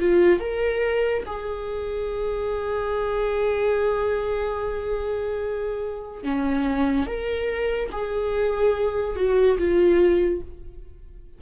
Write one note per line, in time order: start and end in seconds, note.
0.00 0.40 F4
0.40 1.23 A#4
1.26 6.23 G#4
6.23 7.07 C#4
7.07 7.90 A#4
7.92 9.16 G#4
9.16 9.58 F#4
9.58 10.41 F4